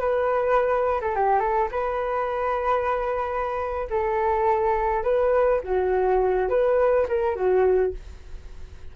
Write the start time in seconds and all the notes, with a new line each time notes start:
0.00 B4
1.01 A4
1.15 G4
1.40 A4
1.72 B4
3.90 A4
5.03 B4
5.64 F#4
6.49 B4
7.09 A#4
7.36 F#4